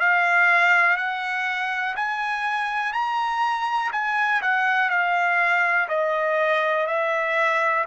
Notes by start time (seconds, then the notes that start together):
0.00 F5
0.97 F#5
1.96 G#5
2.93 A#5
3.93 G#5
4.42 F#5
4.90 F5
5.88 D#5
6.87 E5